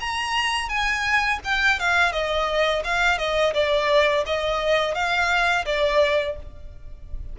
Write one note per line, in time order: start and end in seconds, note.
0.00 0.69 A#5
0.69 1.39 G#5
1.44 1.79 G5
1.79 2.12 F5
2.12 2.83 D#5
2.84 3.18 F5
3.18 3.53 D#5
3.54 4.24 D5
4.26 4.94 D#5
4.94 5.65 F5
5.65 6.36 D5